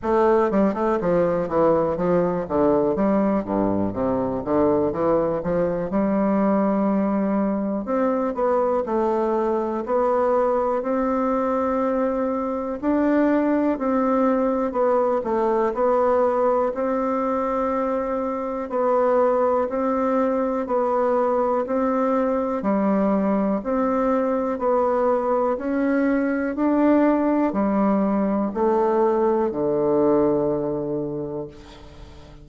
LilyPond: \new Staff \with { instrumentName = "bassoon" } { \time 4/4 \tempo 4 = 61 a8 g16 a16 f8 e8 f8 d8 g8 g,8 | c8 d8 e8 f8 g2 | c'8 b8 a4 b4 c'4~ | c'4 d'4 c'4 b8 a8 |
b4 c'2 b4 | c'4 b4 c'4 g4 | c'4 b4 cis'4 d'4 | g4 a4 d2 | }